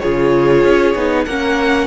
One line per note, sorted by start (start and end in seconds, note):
0.00 0.64 C#3
0.00 0.97 F4
0.00 1.26 G#4
0.00 1.25 C#5
0.64 0.95 C#4
0.95 1.27 B3
0.95 1.28 D#4
1.26 1.87 A#3
1.26 1.87 C#4
1.26 1.87 A#4
1.26 1.87 F#5